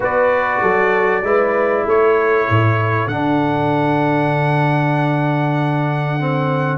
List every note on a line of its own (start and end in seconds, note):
0.00 0.60 B3
0.00 1.23 F#4
0.00 0.61 B4
0.00 1.88 D5
0.61 1.22 F#3
0.61 1.23 A4
1.22 1.84 G#3
1.22 3.09 E4
1.22 1.85 B4
1.85 2.48 A3
1.85 6.78 A4
1.85 3.08 C#5
2.49 3.07 A2
3.07 6.78 D3
3.07 6.19 D4
3.07 6.78 F#5
6.19 6.78 C4